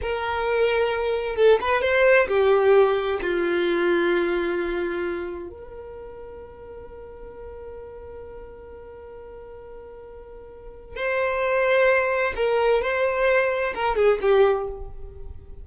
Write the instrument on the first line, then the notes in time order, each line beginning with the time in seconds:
violin
0.01 A#4
1.36 A4
1.61 B4
1.81 C5
2.28 G4
3.21 F4
5.49 A#4
10.96 C5
12.36 A#4
12.81 C5
13.74 A#4
13.96 G#4
14.21 G4